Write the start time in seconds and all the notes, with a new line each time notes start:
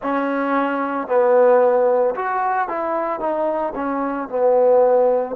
0.02 C#4
1.07 B3
2.15 F#4
2.68 E4
3.19 D#4
3.75 C#4
4.29 B3